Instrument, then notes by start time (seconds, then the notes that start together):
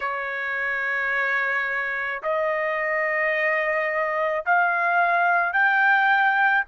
trumpet
0.00 C#5
2.22 D#5
4.45 F5
5.53 G5